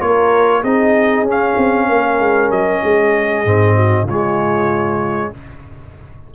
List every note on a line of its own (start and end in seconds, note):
0.00 0.63 A#3
0.00 0.62 F4
0.00 0.61 A#4
0.00 0.63 C#5
0.61 1.22 C4
0.61 1.26 D#4
0.61 1.86 G#4
0.61 1.26 D#5
1.22 1.54 C#4
1.22 3.45 C#4
1.31 2.51 F5
1.57 1.89 C4
1.89 2.19 A#3
1.89 2.83 A#4
2.19 2.50 G#3
2.50 2.82 F#3
2.50 4.07 D#5
2.83 3.45 G#3
2.83 3.75 G#4
3.45 4.03 G#2
3.45 4.08 C4
3.75 4.05 F#4
4.03 5.28 C#3
4.03 5.34 G#3
4.03 5.30 F4
4.03 5.34 C#5